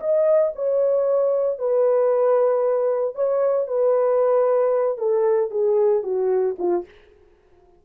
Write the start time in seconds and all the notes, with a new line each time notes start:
0.00 D#5
0.55 C#5
1.58 B4
3.15 C#5
3.67 B4
4.98 A4
5.50 G#4
6.03 F#4
6.59 F4